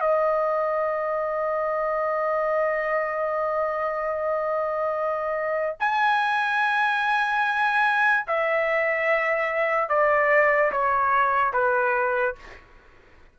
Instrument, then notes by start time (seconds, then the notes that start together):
trumpet
0.00 D#5
5.79 G#5
8.27 E5
9.89 D5
10.71 C#5
11.53 B4